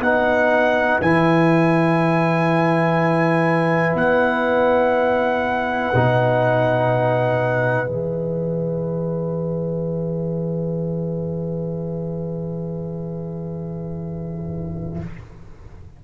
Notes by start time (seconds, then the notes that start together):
0.00 B3 D#4 B4 F#5
1.02 E3 E4 G#5
3.95 B3 F#5
5.94 B2 D#4
7.86 E3 G#4 E5